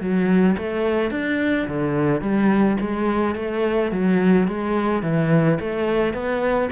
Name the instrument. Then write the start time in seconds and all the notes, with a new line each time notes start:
cello
0.00 F#3
0.57 A3
1.11 D4
1.67 D3
2.21 G3
2.80 G#3
3.35 A3
3.91 F#3
4.47 G#3
5.02 E3
5.60 A3
6.13 B3